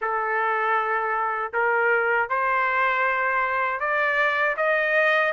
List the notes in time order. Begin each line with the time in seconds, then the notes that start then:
0.01 A4
1.53 A#4
2.29 C5
3.80 D5
4.56 D#5